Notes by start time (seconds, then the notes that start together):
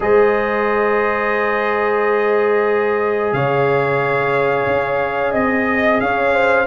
0.00 G#3 G#4 C5 D#5
3.32 C#3 C#5 F5
4.66 C#4
5.31 C4 D#5
6.00 C#4 C#5 F5
6.34 C5